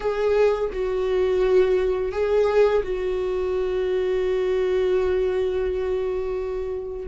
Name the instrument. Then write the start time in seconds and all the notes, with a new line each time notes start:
viola
0.00 G#4
0.73 F#4
2.12 G#4
2.83 F#4